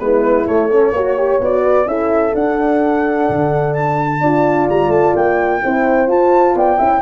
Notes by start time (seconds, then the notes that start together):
0.00 G#3 B3 E4 B4
0.47 A3 C#5
0.71 C#4 A4
0.92 A#3 F#4 C#5
1.18 G4
1.41 B3 F#4 D5
1.64 B4
1.86 C#4 E4 A4 E5
2.35 D4 F#5
3.30 D3
3.74 A5
4.21 D4 F4 D5
4.70 G3 A#5
4.89 A3 A5
5.16 A#3 G5
5.63 C4 E4 C5
6.08 F4 A5
6.55 B3 D5 G5
6.78 C#4 E4 E5